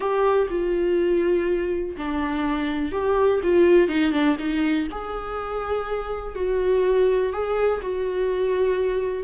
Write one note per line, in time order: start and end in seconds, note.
0.00 0.47 G4
0.50 1.96 F4
1.97 2.91 D4
2.91 3.40 G4
3.43 3.88 F4
3.88 4.12 D#4
4.12 4.36 D4
4.38 4.87 D#4
4.91 6.35 G#4
6.35 7.32 F#4
7.32 7.81 G#4
7.81 9.23 F#4